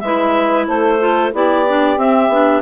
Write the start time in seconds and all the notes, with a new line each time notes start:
0.00 G#3 E4 B4 E5
0.67 A3 A4 C5
0.99 F4
1.32 B3 E4 G4 D5
1.68 D4
1.97 C4 E5
2.29 B3 D4